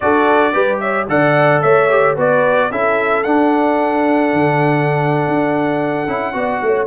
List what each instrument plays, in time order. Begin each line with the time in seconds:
0.00 tuba D4, trombone F#4, horn A4, trumpet D5
0.53 tuba G3, trombone G4, horn B4
0.80 horn C#5, trumpet E5
1.08 tuba D3, trombone A4, horn D5, trumpet F#5
1.61 tuba A3, horn C#5, trumpet E5
1.89 trombone G4
2.15 tuba B3, trombone F#4, horn B4, trumpet D5
2.70 tuba C#4, trombone E4, horn A4, trumpet E5
3.23 trombone D4, tuba D4, trumpet F#5
4.33 tuba D3
5.27 tuba D4
6.07 tuba C#4, trombone E4
6.33 tuba B3, trombone F#4, horn D5
6.62 tuba A3, horn C#5